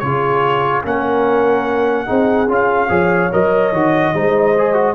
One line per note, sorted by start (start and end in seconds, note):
0.00 0.85 C#3
0.00 0.85 F4
0.00 0.84 G#4
0.00 0.82 C#5
0.84 2.08 A#3
0.84 2.07 C#4
0.84 2.07 A#4
0.84 2.51 F#5
2.07 2.49 C4
2.07 2.48 D#4
2.07 2.89 G#4
2.49 2.90 C#4
2.49 2.89 F4
2.49 3.34 F5
2.89 3.31 F3
2.89 3.30 G#4
2.89 4.12 C#5
3.33 3.73 F#3
3.33 3.74 A#4
3.33 4.95 D#5
3.73 4.14 D#3
3.73 4.15 F#4
4.14 4.95 G#3
4.14 4.56 D#4
4.14 4.95 C5
4.59 4.74 G#4
4.74 4.95 F#4